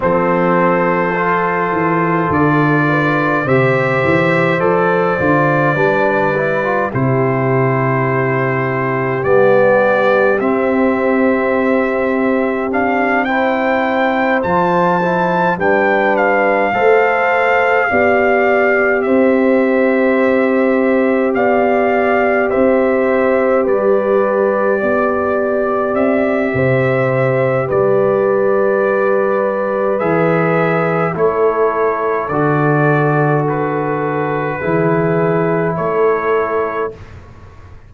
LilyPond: <<
  \new Staff \with { instrumentName = "trumpet" } { \time 4/4 \tempo 4 = 52 c''2 d''4 e''4 | d''2 c''2 | d''4 e''2 f''8 g''8~ | g''8 a''4 g''8 f''2~ |
f''8 e''2 f''4 e''8~ | e''8 d''2 e''4. | d''2 e''4 cis''4 | d''4 b'2 cis''4 | }
  \new Staff \with { instrumentName = "horn" } { \time 4/4 a'2~ a'8 b'8 c''4~ | c''4 b'4 g'2~ | g'2.~ g'8 c''8~ | c''4. b'4 c''4 d''8~ |
d''8 c''2 d''4 c''8~ | c''8 b'4 d''4. c''4 | b'2. a'4~ | a'2 gis'4 a'4 | }
  \new Staff \with { instrumentName = "trombone" } { \time 4/4 c'4 f'2 g'4 | a'8 f'8 d'8 e'16 f'16 e'2 | b4 c'2 d'8 e'8~ | e'8 f'8 e'8 d'4 a'4 g'8~ |
g'1~ | g'1~ | g'2 gis'4 e'4 | fis'2 e'2 | }
  \new Staff \with { instrumentName = "tuba" } { \time 4/4 f4. e8 d4 c8 e8 | f8 d8 g4 c2 | g4 c'2.~ | c'8 f4 g4 a4 b8~ |
b8 c'2 b4 c'8~ | c'8 g4 b4 c'8 c4 | g2 e4 a4 | d2 e4 a4 | }
>>